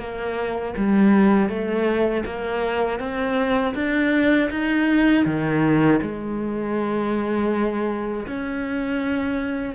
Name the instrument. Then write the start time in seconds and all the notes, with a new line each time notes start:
cello
0.00 A#3
0.77 G3
1.49 A3
2.26 A#3
3.00 C4
3.75 D4
4.50 D#4
5.26 D#3
6.02 G#3
8.27 C#4